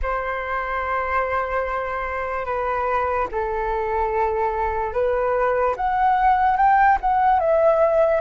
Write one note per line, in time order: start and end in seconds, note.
0.02 2.45 C5
2.45 3.27 B4
3.31 4.93 A4
4.93 5.75 B4
5.76 6.56 F#5
6.56 6.98 G5
7.00 7.39 F#5
7.39 8.21 E5